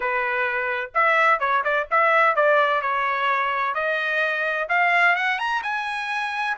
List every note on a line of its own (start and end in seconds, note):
0.00 0.90 B4
0.94 1.39 E5
1.39 1.63 C#5
1.63 1.87 D5
1.90 2.35 E5
2.35 2.81 D5
2.81 3.74 C#5
3.74 4.67 D#5
4.69 5.15 F5
5.15 5.38 F#5
5.38 5.62 A#5
5.62 6.56 G#5